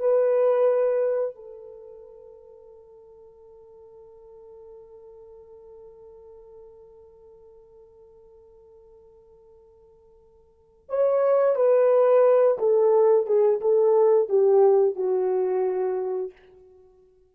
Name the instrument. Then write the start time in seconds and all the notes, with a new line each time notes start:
horn
0.00 B4
1.36 A4
10.89 C#5
11.56 B4
12.59 A4
13.27 G#4
13.61 A4
14.29 G4
14.96 F#4